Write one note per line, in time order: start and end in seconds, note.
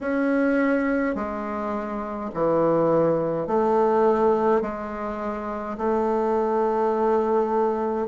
0.01 1.15 C#4
1.15 2.30 G#3
2.33 3.47 E3
3.47 4.62 A3
4.62 5.77 G#3
5.77 8.07 A3